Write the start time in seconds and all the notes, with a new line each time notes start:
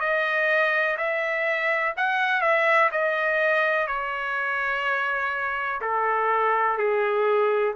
0.00 D#5
0.98 E5
1.97 F#5
2.41 E5
2.92 D#5
3.88 C#5
5.82 A4
6.78 G#4